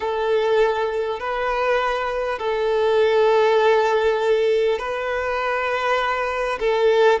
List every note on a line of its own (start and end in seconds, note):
0.00 1.19 A4
1.19 2.38 B4
2.38 4.78 A4
4.78 6.58 B4
6.59 7.19 A4